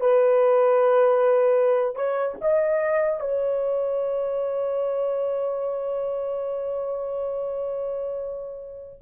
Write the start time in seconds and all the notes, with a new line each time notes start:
0.00 B4
1.95 C#5
2.41 D#5
3.20 C#5